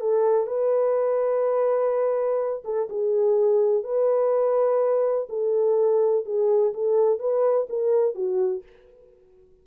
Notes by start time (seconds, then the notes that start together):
0.00 A4
0.47 B4
2.64 A4
2.89 G#4
3.83 B4
5.29 A4
6.25 G#4
6.73 A4
7.19 B4
7.69 A#4
8.14 F#4